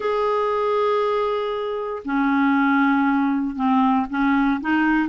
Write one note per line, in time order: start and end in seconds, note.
0.00 2.02 G#4
2.05 3.55 C#4
3.55 4.06 C4
4.09 4.60 C#4
4.61 5.08 D#4